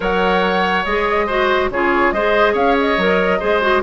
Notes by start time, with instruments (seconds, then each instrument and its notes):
0.00 bassoon F#3, clarinet A#4, oboe C#5, flute F#5
0.84 bassoon G#3, clarinet G#4, flute D#5
1.26 clarinet F#4, oboe C5
1.70 bassoon C#3, clarinet F4, oboe G#4, flute C#5
2.12 bassoon G#3, clarinet G#4, oboe C5, flute D#5
2.53 bassoon C#4, oboe C#5, flute F5
2.80 flute D#5
2.97 bassoon F#3, clarinet A#4
3.39 bassoon G#3, clarinet G#4, oboe C5
3.61 clarinet F#4